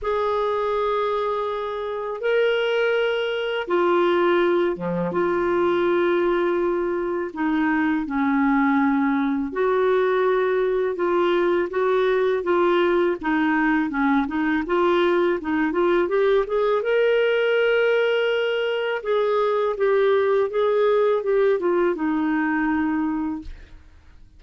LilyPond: \new Staff \with { instrumentName = "clarinet" } { \time 4/4 \tempo 4 = 82 gis'2. ais'4~ | ais'4 f'4. f8 f'4~ | f'2 dis'4 cis'4~ | cis'4 fis'2 f'4 |
fis'4 f'4 dis'4 cis'8 dis'8 | f'4 dis'8 f'8 g'8 gis'8 ais'4~ | ais'2 gis'4 g'4 | gis'4 g'8 f'8 dis'2 | }